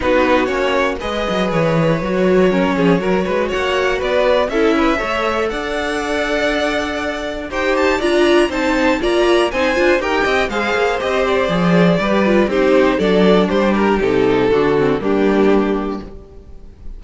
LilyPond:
<<
  \new Staff \with { instrumentName = "violin" } { \time 4/4 \tempo 4 = 120 b'4 cis''4 dis''4 cis''4~ | cis''2. fis''4 | d''4 e''2 fis''4~ | fis''2. g''8 a''8 |
ais''4 a''4 ais''4 gis''4 | g''4 f''4 dis''8 d''4.~ | d''4 c''4 d''4 c''8 ais'8 | a'2 g'2 | }
  \new Staff \with { instrumentName = "violin" } { \time 4/4 fis'2 b'2~ | b'4 ais'8 gis'8 ais'8 b'8 cis''4 | b'4 a'8 b'8 cis''4 d''4~ | d''2. c''4 |
d''4 c''4 d''4 c''4 | ais'8 dis''8 c''2. | b'4 g'4 a'4 g'4~ | g'4 fis'4 d'2 | }
  \new Staff \with { instrumentName = "viola" } { \time 4/4 dis'4 cis'4 gis'2 | fis'4 cis'4 fis'2~ | fis'4 e'4 a'2~ | a'2. g'4 |
f'4 dis'4 f'4 dis'8 f'8 | g'4 gis'4 g'4 gis'4 | g'8 f'8 dis'4 d'2 | dis'4 d'8 c'8 ais2 | }
  \new Staff \with { instrumentName = "cello" } { \time 4/4 b4 ais4 gis8 fis8 e4 | fis4. f8 fis8 gis8 ais4 | b4 cis'4 a4 d'4~ | d'2. dis'4 |
d'4 c'4 ais4 c'8 d'8 | dis'8 c'8 gis8 ais8 c'4 f4 | g4 c'4 fis4 g4 | c4 d4 g2 | }
>>